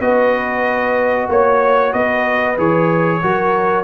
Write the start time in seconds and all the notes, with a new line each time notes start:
0.00 B3 F#4 B4 D#5
1.29 A#3 C#5
1.92 B3 B4 D#5
2.57 E3 G#4 C#5
3.22 F#3 F#4 A#4